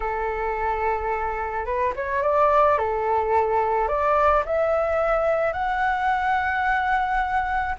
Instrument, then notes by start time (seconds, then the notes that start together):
flute
0.00 A4
1.65 B4
1.95 C#5
2.22 D5
2.78 A4
3.88 D5
4.45 E5
5.53 F#5